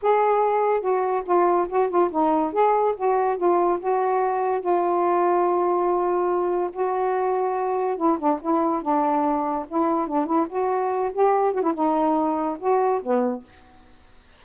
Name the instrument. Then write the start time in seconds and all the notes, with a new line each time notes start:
saxophone
0.02 G#4
0.81 F#4
1.25 F4
1.68 F#4
1.89 F4
2.11 D#4
2.53 G#4
2.96 F#4
3.37 F4
3.79 F#4
4.60 F4
6.72 F#4
7.97 E4
8.18 D4
8.41 E4
8.82 D4
9.68 E4
10.07 D4
10.25 E4
10.49 F#4
11.12 G4
11.53 F#4
11.62 E4
11.74 D#4
12.59 F#4
13.02 B3